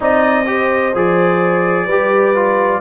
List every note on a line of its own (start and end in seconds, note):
0.00 0.94 C4
0.00 0.45 D#4
0.00 0.47 D5
0.00 0.96 D#5
0.46 0.93 G4
0.46 1.85 C5
0.94 1.86 F3
0.94 1.88 G#4
0.94 2.80 D5
1.85 2.80 G3
1.85 2.35 G4
1.85 2.79 B4
2.35 2.80 F4